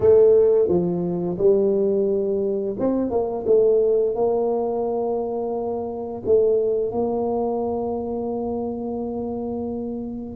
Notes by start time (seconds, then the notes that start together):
0.00 A3
0.68 F3
1.38 G3
2.79 C4
3.10 A#3
3.46 A3
4.15 A#3
6.25 A3
6.91 A#3